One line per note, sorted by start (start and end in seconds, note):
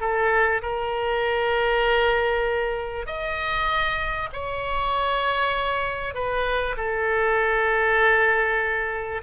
0.00 0.61 A4
0.62 3.06 A#4
3.06 4.29 D#5
4.32 6.14 C#5
6.14 6.75 B4
6.76 9.21 A4